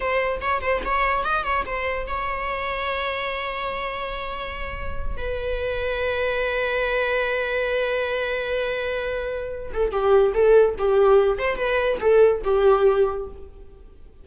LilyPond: \new Staff \with { instrumentName = "viola" } { \time 4/4 \tempo 4 = 145 c''4 cis''8 c''8 cis''4 dis''8 cis''8 | c''4 cis''2.~ | cis''1~ | cis''8 b'2.~ b'8~ |
b'1~ | b'2.~ b'8 a'8 | g'4 a'4 g'4. c''8 | b'4 a'4 g'2 | }